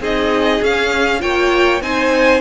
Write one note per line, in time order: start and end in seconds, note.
0.00 0.61 C4
0.00 0.62 D#4
0.00 1.22 G#4
0.00 0.64 D#5
0.62 1.22 C#4
0.62 1.20 C#4
0.62 1.21 F5
1.20 1.81 A#3
1.20 1.81 F4
1.20 1.83 C#5
1.20 1.82 G5
1.81 2.41 C4
1.81 2.41 D#4
1.81 2.41 C5
1.81 2.41 G#5